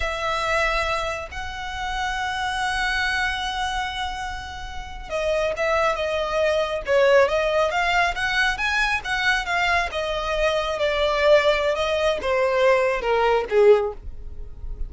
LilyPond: \new Staff \with { instrumentName = "violin" } { \time 4/4 \tempo 4 = 138 e''2. fis''4~ | fis''1~ | fis''2.~ fis''8. dis''16~ | dis''8. e''4 dis''2 cis''16~ |
cis''8. dis''4 f''4 fis''4 gis''16~ | gis''8. fis''4 f''4 dis''4~ dis''16~ | dis''8. d''2~ d''16 dis''4 | c''2 ais'4 gis'4 | }